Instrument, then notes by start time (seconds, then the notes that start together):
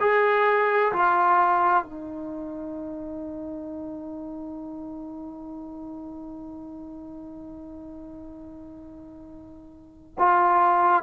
trombone
0.00 G#4
0.93 F4
1.84 D#4
10.18 F4